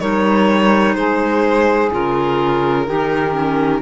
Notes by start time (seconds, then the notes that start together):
0.00 G3 D#4 A#4 C#5
0.95 G#3 G#4 C5
1.92 C#3 F4 A#4
2.86 D#3 D#4 G4
3.33 C#4